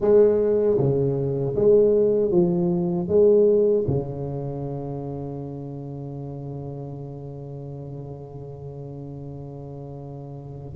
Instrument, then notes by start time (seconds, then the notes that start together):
tuba
0.00 G#3
0.78 C#3
1.55 G#3
2.31 F3
3.08 G#3
3.87 C#3